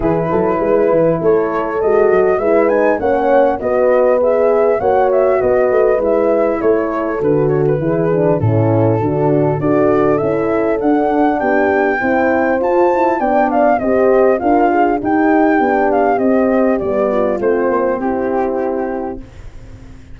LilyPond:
<<
  \new Staff \with { instrumentName = "flute" } { \time 4/4 \tempo 4 = 100 b'2 cis''4 dis''4 | e''8 gis''8 fis''4 dis''4 e''4 | fis''8 e''8 dis''4 e''4 cis''4 | b'8 cis''16 b'4~ b'16 a'2 |
d''4 e''4 fis''4 g''4~ | g''4 a''4 g''8 f''8 dis''4 | f''4 g''4. f''8 dis''4 | d''4 c''4 g'2 | }
  \new Staff \with { instrumentName = "horn" } { \time 4/4 gis'8 a'8 b'4 a'2 | b'4 cis''4 b'2 | cis''4 b'2 a'4~ | a'4 gis'4 e'4 fis'4 |
a'2. g'4 | c''2 d''4 c''4 | ais'8 gis'8 g'2.~ | g'8 f'4. e'2 | }
  \new Staff \with { instrumentName = "horn" } { \time 4/4 e'2. fis'4 | e'8 dis'8 cis'4 fis'4 gis'4 | fis'2 e'2 | fis'4 e'8 d'8 cis'4 d'4 |
fis'4 e'4 d'2 | e'4 f'8 e'8 d'4 g'4 | f'4 dis'4 d'4 c'4 | b4 c'2. | }
  \new Staff \with { instrumentName = "tuba" } { \time 4/4 e8 fis8 gis8 e8 a4 gis8 fis8 | gis4 ais4 b2 | ais4 b8 a8 gis4 a4 | d4 e4 a,4 d4 |
d'4 cis'4 d'4 b4 | c'4 f'4 b4 c'4 | d'4 dis'4 b4 c'4 | g4 a8 ais8 c'2 | }
>>